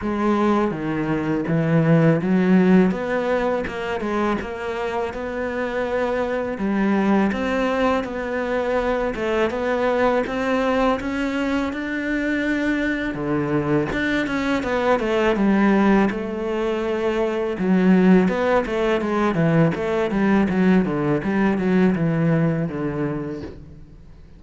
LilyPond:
\new Staff \with { instrumentName = "cello" } { \time 4/4 \tempo 4 = 82 gis4 dis4 e4 fis4 | b4 ais8 gis8 ais4 b4~ | b4 g4 c'4 b4~ | b8 a8 b4 c'4 cis'4 |
d'2 d4 d'8 cis'8 | b8 a8 g4 a2 | fis4 b8 a8 gis8 e8 a8 g8 | fis8 d8 g8 fis8 e4 d4 | }